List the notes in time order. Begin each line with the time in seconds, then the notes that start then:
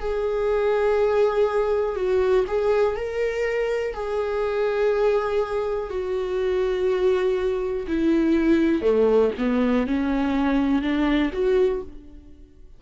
0.00 G#4
1.95 F#4
2.47 G#4
2.96 A#4
3.94 G#4
5.90 F#4
7.87 E4
8.82 A3
9.38 B3
9.87 C#4
10.82 D4
11.32 F#4